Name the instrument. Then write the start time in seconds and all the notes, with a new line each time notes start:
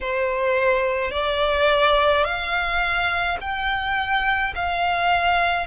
violin
0.00 C5
1.11 D5
2.24 F5
3.41 G5
4.55 F5